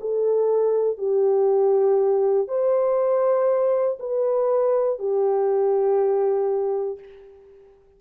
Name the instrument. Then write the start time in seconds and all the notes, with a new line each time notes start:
horn
0.00 A4
0.98 G4
2.48 C5
3.99 B4
4.99 G4